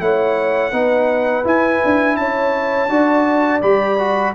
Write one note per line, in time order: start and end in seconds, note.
0.00 0.72 A3
0.00 0.72 E4
0.00 0.71 C#5
0.00 1.45 F#5
0.71 1.45 B3
0.71 1.44 D#4
0.71 2.16 B4
1.44 2.89 E4
1.44 1.81 E4
1.44 2.16 G#5
1.85 2.17 D4
2.16 2.89 C#4
2.16 2.90 C#5
2.16 3.61 A5
2.89 3.61 D4
2.89 3.61 F#4
2.89 4.35 D5
3.61 4.34 G3
3.61 3.98 G4
3.61 4.34 B5
3.99 4.35 F#4